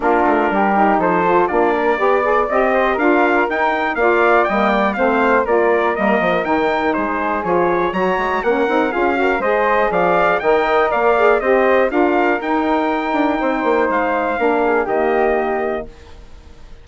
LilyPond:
<<
  \new Staff \with { instrumentName = "trumpet" } { \time 4/4 \tempo 4 = 121 ais'2 c''4 d''4~ | d''4 dis''4 f''4 g''4 | f''4 g''4 f''4 d''4 | dis''4 g''4 c''4 cis''4 |
ais''4 fis''4 f''4 dis''4 | f''4 g''4 f''4 dis''4 | f''4 g''2. | f''2 dis''2 | }
  \new Staff \with { instrumentName = "flute" } { \time 4/4 f'4 g'4 a'4 f'8 ais'8 | d''4. c''8 ais'2 | d''4 dis''8 d''8 c''4 ais'4~ | ais'2 gis'2 |
cis''4 ais'4 gis'8 ais'8 c''4 | d''4 dis''4 d''4 c''4 | ais'2. c''4~ | c''4 ais'8 gis'8 g'2 | }
  \new Staff \with { instrumentName = "saxophone" } { \time 4/4 d'4. dis'4 f'8 d'4 | g'8 gis'8 g'4 f'4 dis'4 | f'4 ais4 c'4 f'4 | ais4 dis'2 f'4 |
fis'4 cis'8 dis'8 f'8 fis'8 gis'4~ | gis'4 ais'4. gis'8 g'4 | f'4 dis'2.~ | dis'4 d'4 ais2 | }
  \new Staff \with { instrumentName = "bassoon" } { \time 4/4 ais8 a8 g4 f4 ais4 | b4 c'4 d'4 dis'4 | ais4 g4 a4 ais4 | g8 f8 dis4 gis4 f4 |
fis8 gis8 ais8 c'8 cis'4 gis4 | f4 dis4 ais4 c'4 | d'4 dis'4. d'8 c'8 ais8 | gis4 ais4 dis2 | }
>>